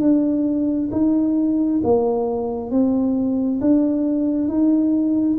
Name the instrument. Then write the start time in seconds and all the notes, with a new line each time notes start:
tuba
0.00 D4
0.92 D#4
1.84 A#3
2.71 C4
3.61 D4
4.48 D#4